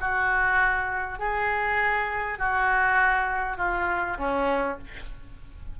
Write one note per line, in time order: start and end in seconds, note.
0.00 1.19 F#4
1.19 2.38 G#4
2.38 3.57 F#4
3.57 4.17 F4
4.18 4.78 C#4